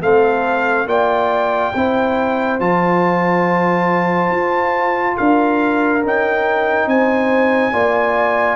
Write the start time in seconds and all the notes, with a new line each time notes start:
0.00 A3 C4 A4 F5
0.86 A#3 F4 D5 G5
1.75 C4 E4 C5
2.59 F3 F4 A5
4.30 F4
5.17 D4 A#4 F5
6.03 C#4 D#4 G5
6.86 C4 C5 G#5
7.72 A#3 F4 D5